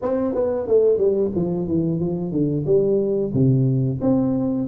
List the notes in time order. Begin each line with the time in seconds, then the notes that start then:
0.02 C4
0.34 B3
0.67 A3
0.97 G3
1.35 F3
1.67 E3
2.00 F3
2.31 D3
2.66 G3
3.33 C3
4.01 C4